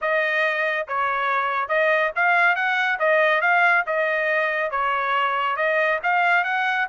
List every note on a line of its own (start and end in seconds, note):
0.01 0.87 D#5
0.87 1.68 C#5
1.68 2.11 D#5
2.15 2.55 F5
2.55 2.98 F#5
2.99 3.41 D#5
3.41 3.84 F5
3.86 4.70 D#5
4.70 5.56 C#5
5.56 5.99 D#5
6.03 6.44 F5
6.44 6.86 F#5